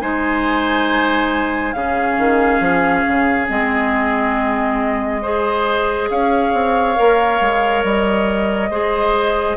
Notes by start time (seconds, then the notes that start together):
0.00 G#3 D#4 C5 G#5
1.73 C#3 C#4 G#4 F5
2.18 D#3
2.60 F3
3.07 C#3
3.47 G#3 C4 D#5
5.22 G#4 C5
6.10 C#4 C#5 F5
6.53 C4
6.95 A#3 A#4
7.40 G#3
7.84 G3 D#5
8.70 G#3 G#4 C5